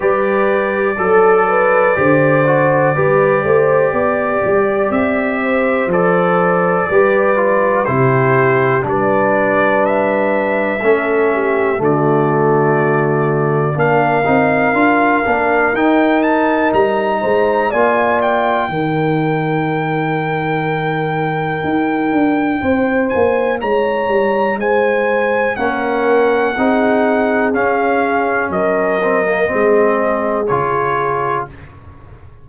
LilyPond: <<
  \new Staff \with { instrumentName = "trumpet" } { \time 4/4 \tempo 4 = 61 d''1~ | d''4 e''4 d''2 | c''4 d''4 e''2 | d''2 f''2 |
g''8 a''8 ais''4 gis''8 g''4.~ | g''2.~ g''8 gis''8 | ais''4 gis''4 fis''2 | f''4 dis''2 cis''4 | }
  \new Staff \with { instrumentName = "horn" } { \time 4/4 b'4 a'8 b'8 c''4 b'8 c''8 | d''4. c''4. b'4 | g'4 b'2 a'8 g'8 | fis'2 ais'2~ |
ais'4. c''8 d''4 ais'4~ | ais'2. c''4 | cis''4 c''4 ais'4 gis'4~ | gis'4 ais'4 gis'2 | }
  \new Staff \with { instrumentName = "trombone" } { \time 4/4 g'4 a'4 g'8 fis'8 g'4~ | g'2 a'4 g'8 f'8 | e'4 d'2 cis'4 | a2 d'8 dis'8 f'8 d'8 |
dis'2 f'4 dis'4~ | dis'1~ | dis'2 cis'4 dis'4 | cis'4. c'16 ais16 c'4 f'4 | }
  \new Staff \with { instrumentName = "tuba" } { \time 4/4 g4 fis4 d4 g8 a8 | b8 g8 c'4 f4 g4 | c4 g2 a4 | d2 ais8 c'8 d'8 ais8 |
dis'4 g8 gis8 ais4 dis4~ | dis2 dis'8 d'8 c'8 ais8 | gis8 g8 gis4 ais4 c'4 | cis'4 fis4 gis4 cis4 | }
>>